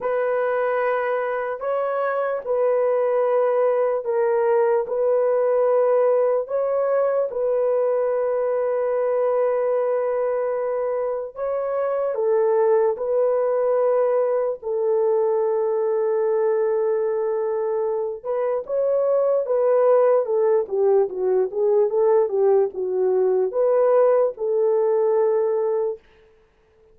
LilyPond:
\new Staff \with { instrumentName = "horn" } { \time 4/4 \tempo 4 = 74 b'2 cis''4 b'4~ | b'4 ais'4 b'2 | cis''4 b'2.~ | b'2 cis''4 a'4 |
b'2 a'2~ | a'2~ a'8 b'8 cis''4 | b'4 a'8 g'8 fis'8 gis'8 a'8 g'8 | fis'4 b'4 a'2 | }